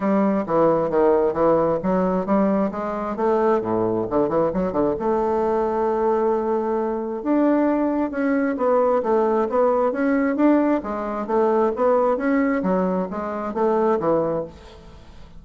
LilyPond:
\new Staff \with { instrumentName = "bassoon" } { \time 4/4 \tempo 4 = 133 g4 e4 dis4 e4 | fis4 g4 gis4 a4 | a,4 d8 e8 fis8 d8 a4~ | a1 |
d'2 cis'4 b4 | a4 b4 cis'4 d'4 | gis4 a4 b4 cis'4 | fis4 gis4 a4 e4 | }